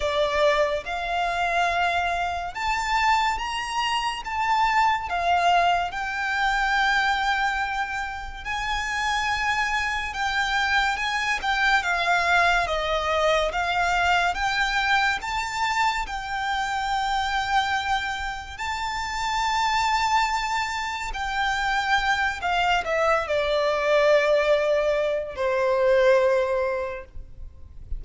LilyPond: \new Staff \with { instrumentName = "violin" } { \time 4/4 \tempo 4 = 71 d''4 f''2 a''4 | ais''4 a''4 f''4 g''4~ | g''2 gis''2 | g''4 gis''8 g''8 f''4 dis''4 |
f''4 g''4 a''4 g''4~ | g''2 a''2~ | a''4 g''4. f''8 e''8 d''8~ | d''2 c''2 | }